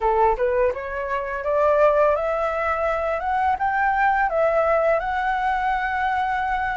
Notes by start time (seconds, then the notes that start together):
0.00 A4
0.37 B4
0.73 C#5
1.44 D5
2.15 E5
3.20 F#5
3.58 G5
4.29 E5
4.99 F#5